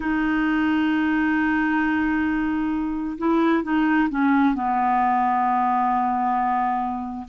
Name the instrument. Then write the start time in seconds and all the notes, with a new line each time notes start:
clarinet
0.00 D#4
3.18 E4
3.63 D#4
4.09 C#4
4.54 B3